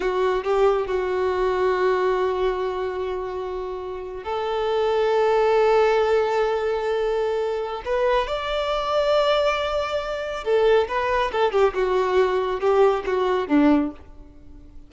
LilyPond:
\new Staff \with { instrumentName = "violin" } { \time 4/4 \tempo 4 = 138 fis'4 g'4 fis'2~ | fis'1~ | fis'4.~ fis'16 a'2~ a'16~ | a'1~ |
a'2 b'4 d''4~ | d''1 | a'4 b'4 a'8 g'8 fis'4~ | fis'4 g'4 fis'4 d'4 | }